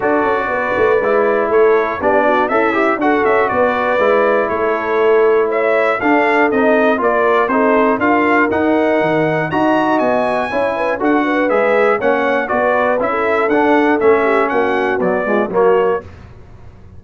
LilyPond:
<<
  \new Staff \with { instrumentName = "trumpet" } { \time 4/4 \tempo 4 = 120 d''2. cis''4 | d''4 e''4 fis''8 e''8 d''4~ | d''4 cis''2 e''4 | f''4 dis''4 d''4 c''4 |
f''4 fis''2 ais''4 | gis''2 fis''4 e''4 | fis''4 d''4 e''4 fis''4 | e''4 fis''4 d''4 cis''4 | }
  \new Staff \with { instrumentName = "horn" } { \time 4/4 a'4 b'2 a'4 | g'8 fis'8 e'4 a'4 b'4~ | b'4 a'2 cis''4 | a'2 ais'4 a'4 |
ais'2. dis''4~ | dis''4 cis''8 b'8 a'8 b'4. | cis''4 b'4~ b'16 a'4.~ a'16~ | a'8 g'8 fis'4. f'8 fis'4 | }
  \new Staff \with { instrumentName = "trombone" } { \time 4/4 fis'2 e'2 | d'4 a'8 g'8 fis'2 | e'1 | d'4 dis'4 f'4 dis'4 |
f'4 dis'2 fis'4~ | fis'4 e'4 fis'4 gis'4 | cis'4 fis'4 e'4 d'4 | cis'2 fis8 gis8 ais4 | }
  \new Staff \with { instrumentName = "tuba" } { \time 4/4 d'8 cis'8 b8 a8 gis4 a4 | b4 cis'4 d'8 cis'8 b4 | gis4 a2. | d'4 c'4 ais4 c'4 |
d'4 dis'4 dis4 dis'4 | b4 cis'4 d'4 gis4 | ais4 b4 cis'4 d'4 | a4 ais4 b4 fis4 | }
>>